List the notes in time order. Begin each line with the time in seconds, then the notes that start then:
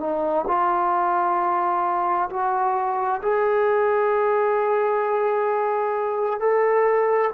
0.00 D#4
0.48 F4
2.30 F#4
3.23 G#4
6.40 A4